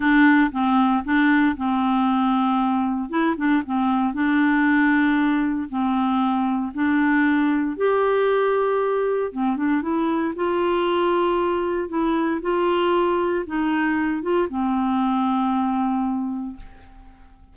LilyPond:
\new Staff \with { instrumentName = "clarinet" } { \time 4/4 \tempo 4 = 116 d'4 c'4 d'4 c'4~ | c'2 e'8 d'8 c'4 | d'2. c'4~ | c'4 d'2 g'4~ |
g'2 c'8 d'8 e'4 | f'2. e'4 | f'2 dis'4. f'8 | c'1 | }